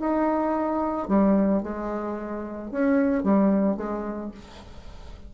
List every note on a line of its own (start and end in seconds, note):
0.00 1.09 D#4
1.09 1.63 G3
1.63 2.72 G#3
2.72 3.24 C#4
3.24 3.77 G3
3.77 4.32 G#3